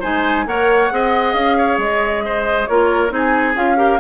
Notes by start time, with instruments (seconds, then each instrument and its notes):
0.00 bassoon G#3, clarinet D#4, oboe C5, flute G#5
0.46 bassoon A#3, clarinet A#4, oboe C#5, flute F#5
0.91 bassoon C4, clarinet G#4, oboe D#5
1.34 bassoon C#4, flute F5
1.57 oboe C#5
1.78 bassoon G#3, flute D#5
2.25 oboe C5
2.66 bassoon A#3, clarinet F4, oboe A#4, flute C#5
3.09 bassoon C4, clarinet D#4, oboe G#4, flute G#5
3.55 bassoon C#4, clarinet F4, flute F5
3.76 clarinet G4, oboe A#4